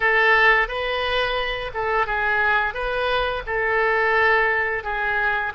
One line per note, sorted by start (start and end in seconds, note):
0.00 0.67 A4
0.67 1.71 B4
1.73 2.06 A4
2.06 2.74 G#4
2.74 3.43 B4
3.46 4.83 A4
4.83 5.52 G#4